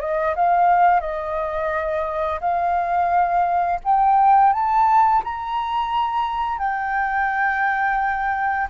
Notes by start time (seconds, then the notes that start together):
0.00 D#5
0.36 F5
1.00 D#5
2.40 F5
3.84 G5
4.53 A5
5.24 A#5
6.59 G5